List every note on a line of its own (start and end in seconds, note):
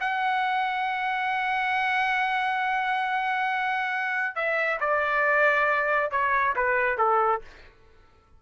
0.00 4.35 F#5
4.35 4.79 E5
4.80 6.11 D5
6.11 6.54 C#5
6.56 6.98 B4
6.98 7.41 A4